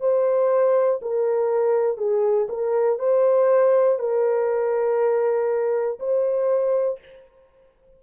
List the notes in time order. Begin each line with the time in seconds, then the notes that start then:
0.00 C5
1.02 A#4
1.98 G#4
2.49 A#4
3.00 C5
3.99 A#4
6.00 C5